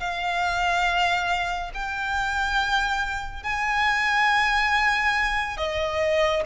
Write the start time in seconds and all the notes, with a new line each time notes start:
0.00 F5
1.74 G5
3.43 G#5
5.57 D#5